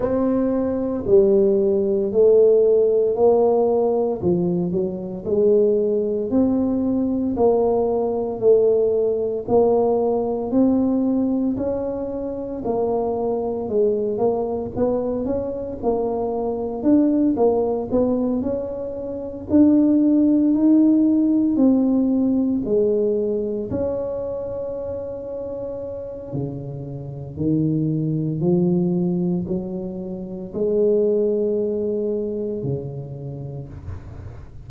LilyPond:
\new Staff \with { instrumentName = "tuba" } { \time 4/4 \tempo 4 = 57 c'4 g4 a4 ais4 | f8 fis8 gis4 c'4 ais4 | a4 ais4 c'4 cis'4 | ais4 gis8 ais8 b8 cis'8 ais4 |
d'8 ais8 b8 cis'4 d'4 dis'8~ | dis'8 c'4 gis4 cis'4.~ | cis'4 cis4 dis4 f4 | fis4 gis2 cis4 | }